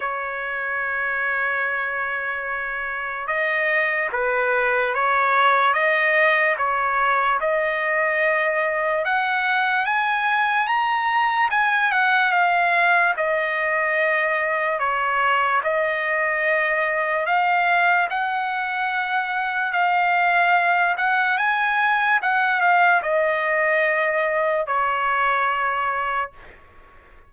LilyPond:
\new Staff \with { instrumentName = "trumpet" } { \time 4/4 \tempo 4 = 73 cis''1 | dis''4 b'4 cis''4 dis''4 | cis''4 dis''2 fis''4 | gis''4 ais''4 gis''8 fis''8 f''4 |
dis''2 cis''4 dis''4~ | dis''4 f''4 fis''2 | f''4. fis''8 gis''4 fis''8 f''8 | dis''2 cis''2 | }